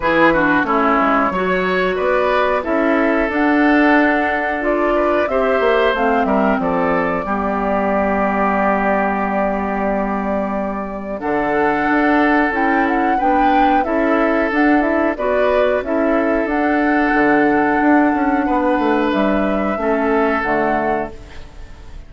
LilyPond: <<
  \new Staff \with { instrumentName = "flute" } { \time 4/4 \tempo 4 = 91 b'4 cis''2 d''4 | e''4 fis''2 d''4 | e''4 f''8 e''8 d''2~ | d''1~ |
d''4 fis''2 g''8 fis''8 | g''4 e''4 fis''8 e''8 d''4 | e''4 fis''2.~ | fis''4 e''2 fis''4 | }
  \new Staff \with { instrumentName = "oboe" } { \time 4/4 gis'8 fis'8 e'4 cis''4 b'4 | a'2.~ a'8 b'8 | c''4. ais'8 a'4 g'4~ | g'1~ |
g'4 a'2. | b'4 a'2 b'4 | a'1 | b'2 a'2 | }
  \new Staff \with { instrumentName = "clarinet" } { \time 4/4 e'8 d'8 cis'4 fis'2 | e'4 d'2 f'4 | g'4 c'2 b4~ | b1~ |
b4 d'2 e'4 | d'4 e'4 d'8 e'8 fis'4 | e'4 d'2.~ | d'2 cis'4 a4 | }
  \new Staff \with { instrumentName = "bassoon" } { \time 4/4 e4 a8 gis8 fis4 b4 | cis'4 d'2. | c'8 ais8 a8 g8 f4 g4~ | g1~ |
g4 d4 d'4 cis'4 | b4 cis'4 d'4 b4 | cis'4 d'4 d4 d'8 cis'8 | b8 a8 g4 a4 d4 | }
>>